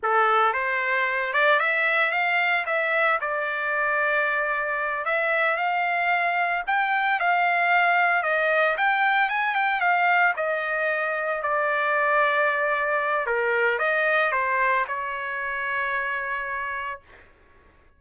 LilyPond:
\new Staff \with { instrumentName = "trumpet" } { \time 4/4 \tempo 4 = 113 a'4 c''4. d''8 e''4 | f''4 e''4 d''2~ | d''4. e''4 f''4.~ | f''8 g''4 f''2 dis''8~ |
dis''8 g''4 gis''8 g''8 f''4 dis''8~ | dis''4. d''2~ d''8~ | d''4 ais'4 dis''4 c''4 | cis''1 | }